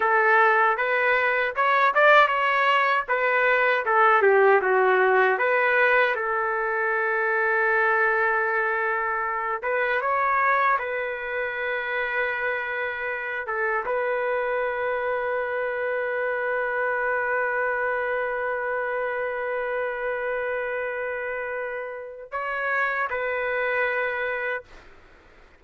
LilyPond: \new Staff \with { instrumentName = "trumpet" } { \time 4/4 \tempo 4 = 78 a'4 b'4 cis''8 d''8 cis''4 | b'4 a'8 g'8 fis'4 b'4 | a'1~ | a'8 b'8 cis''4 b'2~ |
b'4. a'8 b'2~ | b'1~ | b'1~ | b'4 cis''4 b'2 | }